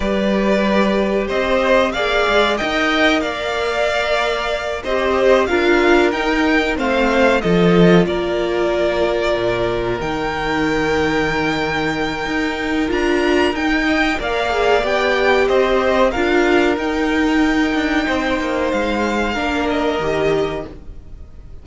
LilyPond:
<<
  \new Staff \with { instrumentName = "violin" } { \time 4/4 \tempo 4 = 93 d''2 dis''4 f''4 | g''4 f''2~ f''8 dis''8~ | dis''8 f''4 g''4 f''4 dis''8~ | dis''8 d''2. g''8~ |
g''1 | ais''4 g''4 f''4 g''4 | dis''4 f''4 g''2~ | g''4 f''4. dis''4. | }
  \new Staff \with { instrumentName = "violin" } { \time 4/4 b'2 c''4 d''4 | dis''4 d''2~ d''8 c''8~ | c''8 ais'2 c''4 a'8~ | a'8 ais'2.~ ais'8~ |
ais'1~ | ais'4. dis''8 d''2 | c''4 ais'2. | c''2 ais'2 | }
  \new Staff \with { instrumentName = "viola" } { \time 4/4 g'2. gis'4 | ais'2.~ ais'8 g'8~ | g'8 f'4 dis'4 c'4 f'8~ | f'2.~ f'8 dis'8~ |
dis'1 | f'4 dis'4 ais'8 gis'8 g'4~ | g'4 f'4 dis'2~ | dis'2 d'4 g'4 | }
  \new Staff \with { instrumentName = "cello" } { \time 4/4 g2 c'4 ais8 gis8 | dis'4 ais2~ ais8 c'8~ | c'8 d'4 dis'4 a4 f8~ | f8 ais2 ais,4 dis8~ |
dis2. dis'4 | d'4 dis'4 ais4 b4 | c'4 d'4 dis'4. d'8 | c'8 ais8 gis4 ais4 dis4 | }
>>